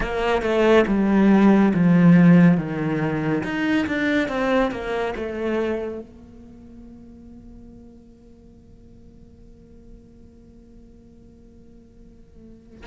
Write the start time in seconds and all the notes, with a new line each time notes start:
0.00 A#3
0.42 A3
0.86 G3
1.74 F3
2.57 D#3
3.43 D#4
3.86 D4
4.28 C4
4.71 A#3
5.15 A3
6.00 A#3